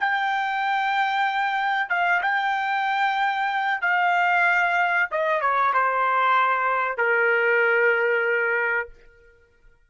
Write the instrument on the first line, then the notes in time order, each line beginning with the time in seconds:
trumpet
0.00 G5
1.89 F5
2.22 G5
3.82 F5
5.11 D#5
5.41 C#5
5.73 C5
6.97 A#4